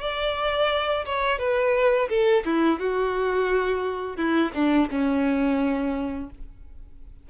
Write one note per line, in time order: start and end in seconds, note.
0.00 1.05 D5
1.05 1.38 C#5
1.38 2.08 B4
2.09 2.44 A4
2.45 2.79 E4
2.79 4.16 F#4
4.16 4.51 E4
4.54 4.89 D4
4.90 6.29 C#4